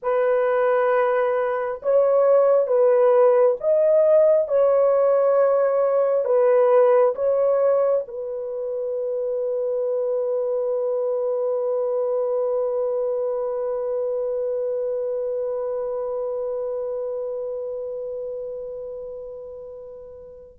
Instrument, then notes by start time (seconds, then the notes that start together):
horn
0.02 B4
1.82 C#5
2.67 B4
3.60 D#5
4.48 C#5
6.24 B4
7.15 C#5
8.07 B4